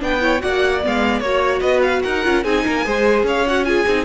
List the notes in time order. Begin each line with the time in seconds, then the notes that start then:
0.00 B3 D4 B4 G5
0.21 E4 C#5
0.40 A#3 F#4 D5 F#5
0.83 G#3 B3 F5
1.20 A#3 F#4 C#5
1.60 B3 B4 D#5
1.82 F5
2.03 D#4 A#4 F#5
2.24 C#4 F4
2.44 C4 D#4 G#4 G#5
2.66 A#3 A#4
2.85 G#3 G#4 C5
3.23 C#4 C#5 F5
3.47 F#4 F#5
3.65 F4 G#4 G#5
3.87 C4 D#4